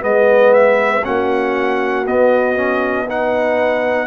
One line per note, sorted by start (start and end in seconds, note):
0.00 1.04 G#3
0.00 1.02 B3
0.00 0.53 D#5
0.06 1.04 B4
0.53 1.04 E5
1.03 2.06 A#3
1.03 2.05 C#4
1.03 3.07 F#4
1.03 2.06 F#5
2.06 4.07 B3
2.06 2.56 B3
2.06 3.08 D#5
2.56 3.07 C#4
3.07 4.07 D#4
3.07 4.07 B4
3.07 4.07 F#5